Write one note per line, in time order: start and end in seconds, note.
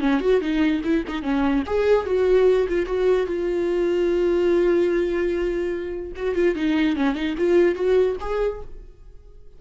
0.00 0.20 C#4
0.20 0.40 F#4
0.40 0.81 D#4
0.84 1.04 E4
1.07 1.22 D#4
1.22 1.63 C#4
1.66 2.06 G#4
2.06 2.67 F#4
2.68 2.86 F4
2.86 3.26 F#4
3.26 6.12 F4
6.15 6.35 F#4
6.35 6.55 F4
6.55 6.96 D#4
6.96 7.15 C#4
7.15 7.35 D#4
7.37 7.75 F4
7.75 8.16 F#4
8.20 8.61 G#4